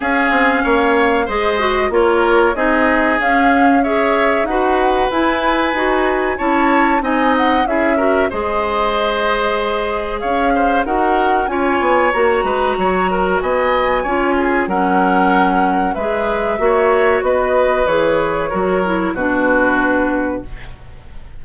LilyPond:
<<
  \new Staff \with { instrumentName = "flute" } { \time 4/4 \tempo 4 = 94 f''2 dis''4 cis''4 | dis''4 f''4 e''4 fis''4 | gis''2 a''4 gis''8 fis''8 | e''4 dis''2. |
f''4 fis''4 gis''4 ais''4~ | ais''4 gis''2 fis''4~ | fis''4 e''2 dis''4 | cis''2 b'2 | }
  \new Staff \with { instrumentName = "oboe" } { \time 4/4 gis'4 cis''4 c''4 ais'4 | gis'2 cis''4 b'4~ | b'2 cis''4 dis''4 | gis'8 ais'8 c''2. |
cis''8 c''8 ais'4 cis''4. b'8 | cis''8 ais'8 dis''4 cis''8 gis'8 ais'4~ | ais'4 b'4 cis''4 b'4~ | b'4 ais'4 fis'2 | }
  \new Staff \with { instrumentName = "clarinet" } { \time 4/4 cis'2 gis'8 fis'8 f'4 | dis'4 cis'4 gis'4 fis'4 | e'4 fis'4 e'4 dis'4 | e'8 fis'8 gis'2.~ |
gis'4 fis'4 f'4 fis'4~ | fis'2 f'4 cis'4~ | cis'4 gis'4 fis'2 | gis'4 fis'8 e'8 d'2 | }
  \new Staff \with { instrumentName = "bassoon" } { \time 4/4 cis'8 c'8 ais4 gis4 ais4 | c'4 cis'2 dis'4 | e'4 dis'4 cis'4 c'4 | cis'4 gis2. |
cis'4 dis'4 cis'8 b8 ais8 gis8 | fis4 b4 cis'4 fis4~ | fis4 gis4 ais4 b4 | e4 fis4 b,2 | }
>>